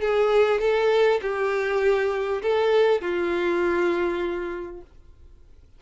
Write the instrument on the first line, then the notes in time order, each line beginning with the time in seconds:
violin
0.00 G#4
0.60 A4
1.22 G4
2.42 A4
3.01 F4